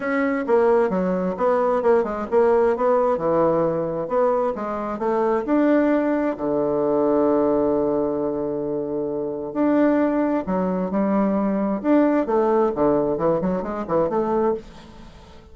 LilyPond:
\new Staff \with { instrumentName = "bassoon" } { \time 4/4 \tempo 4 = 132 cis'4 ais4 fis4 b4 | ais8 gis8 ais4 b4 e4~ | e4 b4 gis4 a4 | d'2 d2~ |
d1~ | d4 d'2 fis4 | g2 d'4 a4 | d4 e8 fis8 gis8 e8 a4 | }